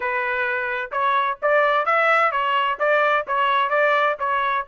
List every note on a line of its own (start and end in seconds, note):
0.00 0.90 B4
0.91 1.38 C#5
1.41 1.85 D5
1.85 2.31 E5
2.31 2.78 C#5
2.79 3.25 D5
3.27 3.69 C#5
3.69 4.16 D5
4.19 4.65 C#5